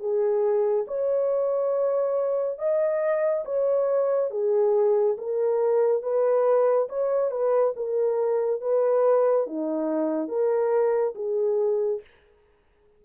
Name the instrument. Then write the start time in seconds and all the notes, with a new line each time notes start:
horn
0.00 G#4
0.87 C#5
2.59 D#5
3.45 C#5
4.31 G#4
5.18 A#4
6.03 B4
6.89 C#5
7.31 B4
7.76 A#4
8.61 B4
9.47 D#4
10.28 A#4
11.15 G#4